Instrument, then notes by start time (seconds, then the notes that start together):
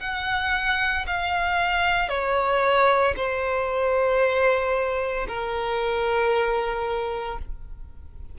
violin
0.00 F#5
1.07 F5
2.09 C#5
3.16 C5
5.28 A#4